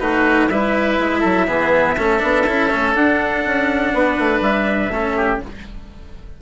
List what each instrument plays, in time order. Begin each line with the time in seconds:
0.00 bassoon A3, cello D#4, oboe F#4, trumpet B4
0.49 bassoon G3, cello E4, oboe B4, trumpet E5
0.99 bassoon G#3
1.21 bassoon F#3, oboe A4
1.48 bassoon E3, cello B3, oboe G#4
1.97 bassoon A3, cello C#4, oboe A4
2.20 bassoon B3, cello D4
2.47 bassoon C#4, cello E4
2.71 bassoon A3, cello C#4
2.95 cello D4, bassoon D4, trumpet F#5
3.46 bassoon C#4
3.94 bassoon B3, oboe B4
4.19 bassoon A3
4.41 bassoon G3, trumpet E5
4.90 bassoon A3, cello C#4, oboe A4
5.17 oboe G4